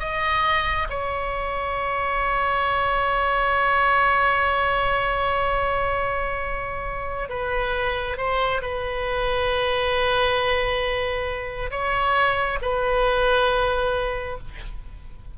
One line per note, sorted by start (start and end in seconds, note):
0.00 0.88 D#5
0.90 7.30 C#5
7.30 8.17 B4
8.17 8.61 C5
8.62 11.71 B4
11.71 12.59 C#5
12.62 14.38 B4